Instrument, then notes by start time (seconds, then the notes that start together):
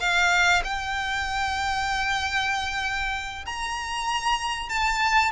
violin
0.00 F5
0.64 G5
3.45 A#5
4.69 A5